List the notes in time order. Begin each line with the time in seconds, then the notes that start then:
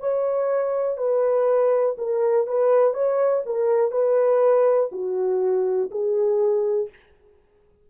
0.00 C#5
0.97 B4
1.98 A#4
2.47 B4
2.94 C#5
3.46 A#4
3.91 B4
4.92 F#4
5.91 G#4